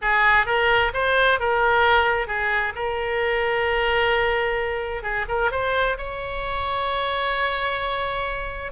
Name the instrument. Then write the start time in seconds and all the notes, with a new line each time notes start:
oboe
0.01 G#4
0.46 A#4
0.93 C5
1.39 A#4
2.27 G#4
2.75 A#4
5.02 G#4
5.28 A#4
5.51 C5
5.97 C#5